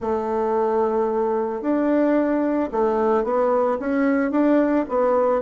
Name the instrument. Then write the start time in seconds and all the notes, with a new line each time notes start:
bassoon
0.00 A3
1.61 D4
2.72 A3
3.24 B3
3.79 C#4
4.31 D4
4.88 B3